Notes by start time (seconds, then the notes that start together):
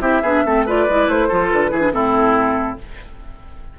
0.00 C4 E4 G4 E5
0.22 B3 D4 G#4
0.45 A3 C4 A4
0.66 F4 B4 D5
0.89 G#3 E4
1.07 A3 C5
1.28 F3 F4 A4
1.50 D3 B4
1.71 E3 E4 G#4
1.81 D4
1.93 A2 C4 E4 A4